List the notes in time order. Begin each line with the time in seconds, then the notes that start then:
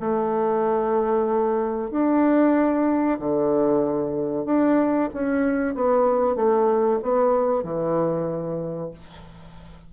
0.00 A3
1.91 D4
3.19 D3
4.45 D4
5.13 C#4
5.74 B3
6.36 A3
7.02 B3
7.63 E3